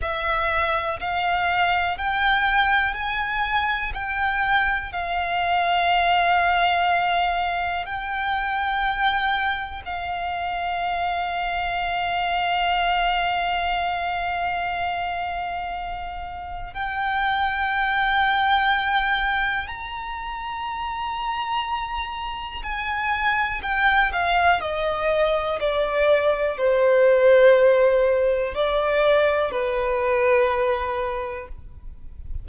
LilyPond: \new Staff \with { instrumentName = "violin" } { \time 4/4 \tempo 4 = 61 e''4 f''4 g''4 gis''4 | g''4 f''2. | g''2 f''2~ | f''1~ |
f''4 g''2. | ais''2. gis''4 | g''8 f''8 dis''4 d''4 c''4~ | c''4 d''4 b'2 | }